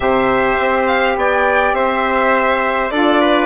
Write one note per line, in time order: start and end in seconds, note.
0.00 0.56 C3
0.00 2.90 G4
0.00 1.18 C5
0.00 0.87 E5
0.59 1.16 C4
0.87 1.16 F5
1.16 1.72 B3
1.16 1.75 D5
1.16 1.74 G5
1.72 2.89 C4
1.72 2.92 C5
1.72 2.90 E5
2.90 3.46 D4
2.90 3.46 F4
2.90 3.21 A4
2.90 3.46 D5
3.21 3.46 B4